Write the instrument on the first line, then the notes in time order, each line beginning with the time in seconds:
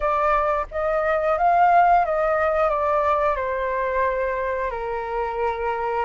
flute
0.00 D5
0.71 D#5
1.38 F5
2.05 D#5
2.69 D5
3.36 C5
4.70 A#4